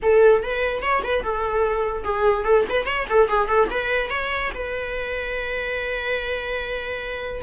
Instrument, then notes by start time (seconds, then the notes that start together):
viola
0.02 A4
0.43 B4
0.82 C#5
1.03 B4
1.23 A4
2.03 G#4
2.44 A4
2.69 B4
2.85 C#5
3.09 A4
3.28 G#4
3.47 A4
3.70 B4
4.10 C#5
4.54 B4